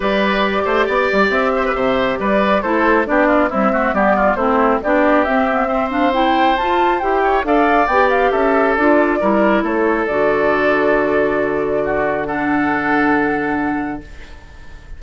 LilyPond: <<
  \new Staff \with { instrumentName = "flute" } { \time 4/4 \tempo 4 = 137 d''2. e''4~ | e''4 d''4 c''4 d''4 | e''4 d''4 c''4 d''4 | e''4. f''8 g''4 a''4 |
g''4 f''4 g''8 f''8 e''4 | d''2 cis''4 d''4~ | d''1 | fis''1 | }
  \new Staff \with { instrumentName = "oboe" } { \time 4/4 b'4. c''8 d''4. c''16 b'16 | c''4 b'4 a'4 g'8 f'8 | e'8 fis'8 g'8 f'8 e'4 g'4~ | g'4 c''2.~ |
c''8 cis''8 d''2 a'4~ | a'4 ais'4 a'2~ | a'2. fis'4 | a'1 | }
  \new Staff \with { instrumentName = "clarinet" } { \time 4/4 g'1~ | g'2 e'4 d'4 | g8 a8 b4 c'4 d'4 | c'8 b8 c'8 d'8 e'4 f'4 |
g'4 a'4 g'2 | f'4 e'2 fis'4~ | fis'1 | d'1 | }
  \new Staff \with { instrumentName = "bassoon" } { \time 4/4 g4. a8 b8 g8 c'4 | c4 g4 a4 b4 | c'4 g4 a4 b4 | c'2. f'4 |
e'4 d'4 b4 cis'4 | d'4 g4 a4 d4~ | d1~ | d1 | }
>>